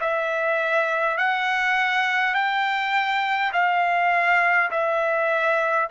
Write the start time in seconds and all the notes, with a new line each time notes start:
0.00 E5
1.18 F#5
2.34 G5
3.52 F5
4.71 E5